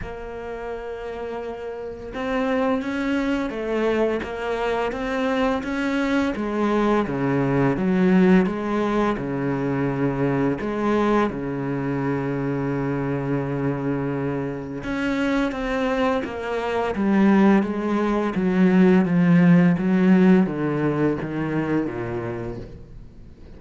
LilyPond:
\new Staff \with { instrumentName = "cello" } { \time 4/4 \tempo 4 = 85 ais2. c'4 | cis'4 a4 ais4 c'4 | cis'4 gis4 cis4 fis4 | gis4 cis2 gis4 |
cis1~ | cis4 cis'4 c'4 ais4 | g4 gis4 fis4 f4 | fis4 d4 dis4 ais,4 | }